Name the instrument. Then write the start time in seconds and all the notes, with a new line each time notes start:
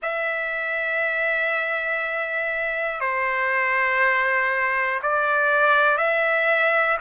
trumpet
0.02 E5
3.00 C5
5.02 D5
5.97 E5